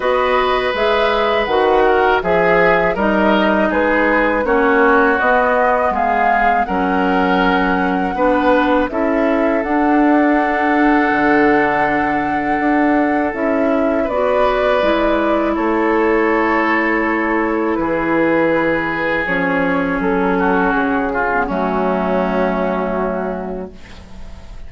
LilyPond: <<
  \new Staff \with { instrumentName = "flute" } { \time 4/4 \tempo 4 = 81 dis''4 e''4 fis''4 e''4 | dis''4 b'4 cis''4 dis''4 | f''4 fis''2. | e''4 fis''2.~ |
fis''2 e''4 d''4~ | d''4 cis''2. | b'2 cis''4 a'4 | gis'4 fis'2. | }
  \new Staff \with { instrumentName = "oboe" } { \time 4/4 b'2~ b'8 ais'8 gis'4 | ais'4 gis'4 fis'2 | gis'4 ais'2 b'4 | a'1~ |
a'2. b'4~ | b'4 a'2. | gis'2.~ gis'8 fis'8~ | fis'8 f'8 cis'2. | }
  \new Staff \with { instrumentName = "clarinet" } { \time 4/4 fis'4 gis'4 fis'4 gis'4 | dis'2 cis'4 b4~ | b4 cis'2 d'4 | e'4 d'2.~ |
d'2 e'4 fis'4 | e'1~ | e'2 cis'2~ | cis'8. b16 a2. | }
  \new Staff \with { instrumentName = "bassoon" } { \time 4/4 b4 gis4 dis4 f4 | g4 gis4 ais4 b4 | gis4 fis2 b4 | cis'4 d'2 d4~ |
d4 d'4 cis'4 b4 | gis4 a2. | e2 f4 fis4 | cis4 fis2. | }
>>